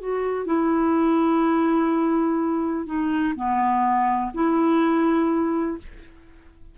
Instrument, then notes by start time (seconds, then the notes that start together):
clarinet
0.00 F#4
0.46 E4
2.86 D#4
3.35 B3
4.34 E4